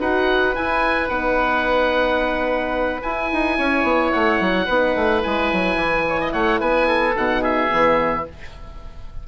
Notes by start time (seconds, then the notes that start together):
0.00 D#4 F#4 B4 F#5
0.55 E4 G#5
1.09 B3 D#4 F#5
3.03 E4 G#5
3.33 D#4
3.58 C#4 C#5
3.83 B3
4.12 A3 F#5
4.40 F#3
4.66 B3 D#4 B4
4.96 A3
5.21 G#3 E4 G#5
5.53 F#3
5.76 E3
6.09 C#5
6.21 D#5
6.33 A3 C#5 F#5
6.60 B3 B4 G#5
6.88 A4
7.16 B2 D#4 F#5
7.42 G#4 E5
7.69 E3 B3